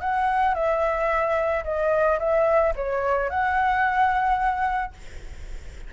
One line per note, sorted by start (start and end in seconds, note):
0.00 0.54 F#5
0.54 1.63 E5
1.64 2.18 D#5
2.19 2.73 E5
2.75 3.29 C#5
3.29 4.93 F#5